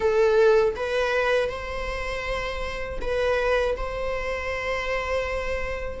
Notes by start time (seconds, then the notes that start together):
0.00 A4
0.75 B4
1.49 C5
3.01 B4
3.76 C5